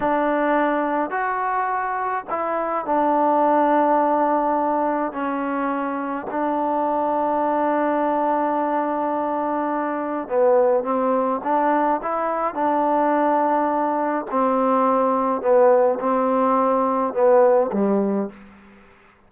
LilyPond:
\new Staff \with { instrumentName = "trombone" } { \time 4/4 \tempo 4 = 105 d'2 fis'2 | e'4 d'2.~ | d'4 cis'2 d'4~ | d'1~ |
d'2 b4 c'4 | d'4 e'4 d'2~ | d'4 c'2 b4 | c'2 b4 g4 | }